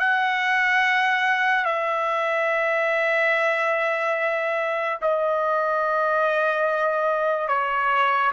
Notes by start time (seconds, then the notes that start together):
0.00 F#5
1.65 E5
5.02 D#5
7.48 C#5